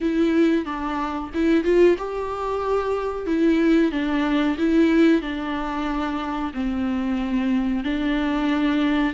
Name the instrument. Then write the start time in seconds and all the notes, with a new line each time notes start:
viola
0.00 E4
0.65 D4
1.34 E4
1.63 F4
1.97 G4
3.26 E4
3.91 D4
4.58 E4
5.21 D4
6.53 C4
7.83 D4